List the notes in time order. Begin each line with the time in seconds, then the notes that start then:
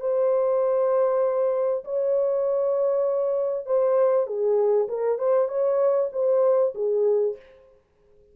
0.00 C5
1.84 C#5
3.66 C5
4.26 G#4
4.88 A#4
5.18 C5
5.48 C#5
6.12 C5
6.74 G#4